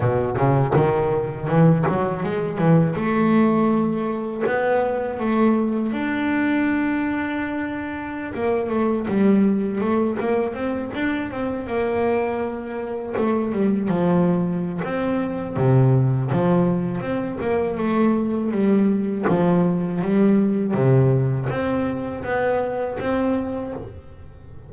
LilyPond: \new Staff \with { instrumentName = "double bass" } { \time 4/4 \tempo 4 = 81 b,8 cis8 dis4 e8 fis8 gis8 e8 | a2 b4 a4 | d'2.~ d'16 ais8 a16~ | a16 g4 a8 ais8 c'8 d'8 c'8 ais16~ |
ais4.~ ais16 a8 g8 f4~ f16 | c'4 c4 f4 c'8 ais8 | a4 g4 f4 g4 | c4 c'4 b4 c'4 | }